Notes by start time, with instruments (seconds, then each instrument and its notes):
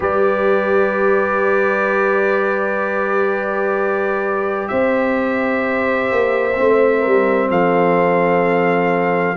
0.00 tuba G3, trombone G4, horn B4, trumpet D5
4.68 tuba C4, horn C5, trumpet E5
6.11 tuba A#3
6.54 tuba A3, trombone C4
7.01 tuba G3, horn A#4
7.49 tuba F3, horn A4, trumpet F5